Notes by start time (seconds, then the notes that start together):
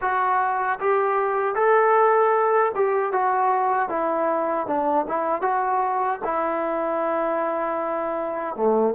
0.01 F#4
0.79 G4
1.55 A4
2.75 G4
3.12 F#4
3.89 E4
4.66 D4
5.08 E4
5.42 F#4
6.24 E4
8.55 A3